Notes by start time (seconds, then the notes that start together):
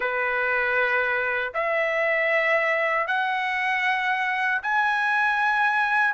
0.00 B4
1.53 E5
3.07 F#5
4.62 G#5